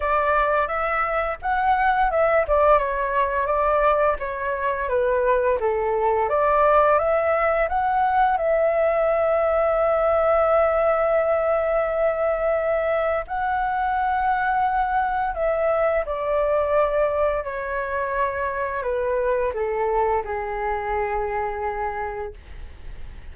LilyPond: \new Staff \with { instrumentName = "flute" } { \time 4/4 \tempo 4 = 86 d''4 e''4 fis''4 e''8 d''8 | cis''4 d''4 cis''4 b'4 | a'4 d''4 e''4 fis''4 | e''1~ |
e''2. fis''4~ | fis''2 e''4 d''4~ | d''4 cis''2 b'4 | a'4 gis'2. | }